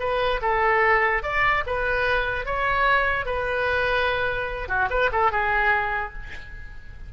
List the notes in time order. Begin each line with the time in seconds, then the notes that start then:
0.00 B4
0.42 A4
1.23 D5
1.67 B4
2.46 C#5
3.26 B4
4.69 F#4
4.91 B4
5.13 A4
5.32 G#4